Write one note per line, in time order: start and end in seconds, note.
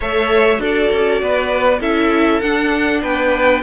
0.00 0.58 A3
0.00 0.56 A4
0.00 0.60 C#5
0.00 0.62 E5
0.56 0.89 D4
0.56 1.77 F#4
0.56 1.21 A4
0.63 1.81 D5
0.92 1.21 C#4
1.21 1.80 B3
1.21 1.80 B4
1.80 2.41 C#4
1.80 2.42 E4
1.80 3.01 A4
1.80 2.40 E5
2.40 3.02 D4
2.40 3.63 D4
2.40 3.01 F#5
3.01 3.63 B3
3.01 3.62 B4
3.01 3.63 G5